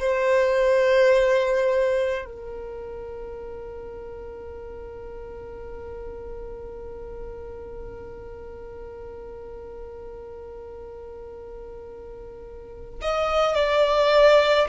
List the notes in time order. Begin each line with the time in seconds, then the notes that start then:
0.00 C5
2.25 A#4
13.02 D#5
13.55 D5